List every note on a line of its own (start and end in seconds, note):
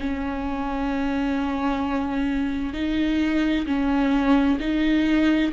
0.00 2.74 C#4
2.74 3.66 D#4
3.66 4.59 C#4
4.59 5.52 D#4